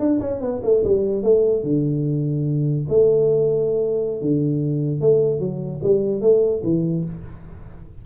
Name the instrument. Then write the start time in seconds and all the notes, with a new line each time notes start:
tuba
0.00 D4
0.21 C#4
0.41 B3
0.64 A3
0.84 G3
1.23 A3
1.64 D3
2.89 A3
4.22 D3
5.01 A3
5.40 F#3
5.83 G3
6.22 A3
6.64 E3